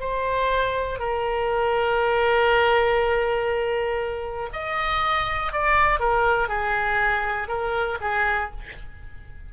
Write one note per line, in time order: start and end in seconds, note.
0.00 0.99 C5
0.99 4.49 A#4
4.53 5.52 D#5
5.52 6.00 D5
6.00 6.48 A#4
6.48 7.48 G#4
7.48 7.98 A#4
8.00 8.50 G#4